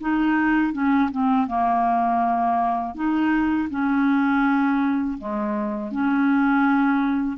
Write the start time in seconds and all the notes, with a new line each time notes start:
0.00 D#4
0.73 C#4
1.11 C4
1.47 A#3
2.94 D#4
3.69 C#4
5.18 G#3
5.91 C#4